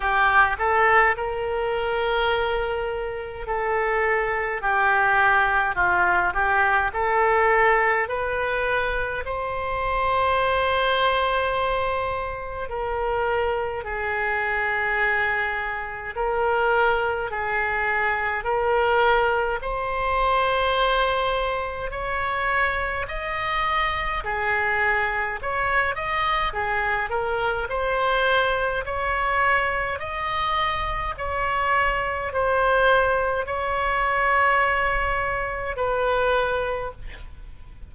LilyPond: \new Staff \with { instrumentName = "oboe" } { \time 4/4 \tempo 4 = 52 g'8 a'8 ais'2 a'4 | g'4 f'8 g'8 a'4 b'4 | c''2. ais'4 | gis'2 ais'4 gis'4 |
ais'4 c''2 cis''4 | dis''4 gis'4 cis''8 dis''8 gis'8 ais'8 | c''4 cis''4 dis''4 cis''4 | c''4 cis''2 b'4 | }